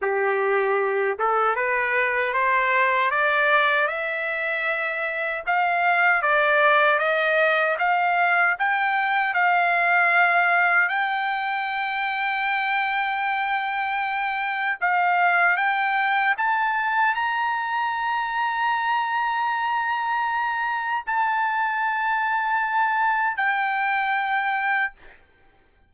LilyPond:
\new Staff \with { instrumentName = "trumpet" } { \time 4/4 \tempo 4 = 77 g'4. a'8 b'4 c''4 | d''4 e''2 f''4 | d''4 dis''4 f''4 g''4 | f''2 g''2~ |
g''2. f''4 | g''4 a''4 ais''2~ | ais''2. a''4~ | a''2 g''2 | }